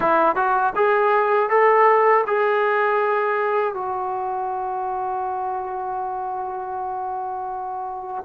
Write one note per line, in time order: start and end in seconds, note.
0.00 0.35 E4
0.35 0.73 F#4
0.75 1.49 G#4
1.49 2.24 A4
2.26 3.73 G#4
3.73 8.23 F#4